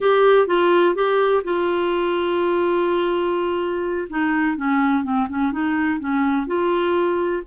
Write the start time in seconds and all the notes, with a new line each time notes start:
0.00 G4
0.47 F4
0.95 G4
1.44 F4
4.09 D#4
4.56 C#4
5.03 C4
5.29 C#4
5.52 D#4
5.99 C#4
6.46 F4